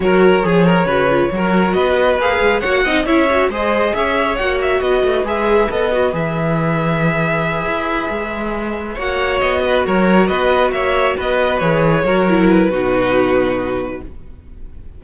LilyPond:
<<
  \new Staff \with { instrumentName = "violin" } { \time 4/4 \tempo 4 = 137 cis''1 | dis''4 f''4 fis''4 e''4 | dis''4 e''4 fis''8 e''8 dis''4 | e''4 dis''4 e''2~ |
e''1~ | e''8 fis''4 dis''4 cis''4 dis''8~ | dis''8 e''4 dis''4 cis''4.~ | cis''8 b'2.~ b'8 | }
  \new Staff \with { instrumentName = "violin" } { \time 4/4 ais'4 gis'8 ais'8 b'4 ais'4 | b'2 cis''8 dis''8 cis''4 | c''4 cis''2 b'4~ | b'1~ |
b'1~ | b'8 cis''4. b'8 ais'4 b'8~ | b'8 cis''4 b'2 ais'8~ | ais'4 fis'2. | }
  \new Staff \with { instrumentName = "viola" } { \time 4/4 fis'4 gis'4 fis'8 f'8 fis'4~ | fis'4 gis'4 fis'8 dis'8 e'8 fis'8 | gis'2 fis'2 | gis'4 a'8 fis'8 gis'2~ |
gis'1~ | gis'8 fis'2.~ fis'8~ | fis'2~ fis'8 gis'4 fis'8 | e'4 dis'2. | }
  \new Staff \with { instrumentName = "cello" } { \time 4/4 fis4 f4 cis4 fis4 | b4 ais8 gis8 ais8 c'8 cis'4 | gis4 cis'4 ais4 b8 a8 | gis4 b4 e2~ |
e4. e'4 gis4.~ | gis8 ais4 b4 fis4 b8~ | b8 ais4 b4 e4 fis8~ | fis4 b,2. | }
>>